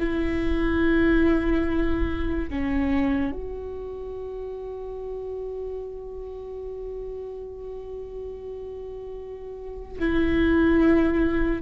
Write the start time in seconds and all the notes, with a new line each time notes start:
0.00 E4
2.50 C#4
3.32 F#4
9.99 E4